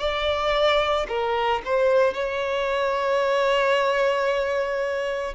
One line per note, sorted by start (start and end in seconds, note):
0.00 1.07 D5
1.09 1.62 A#4
1.65 2.14 C5
2.14 5.35 C#5